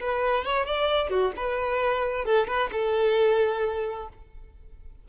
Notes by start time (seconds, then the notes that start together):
0.00 B4
0.45 C#5
0.66 D5
1.10 F#4
1.36 B4
2.25 A4
2.48 B4
2.72 A4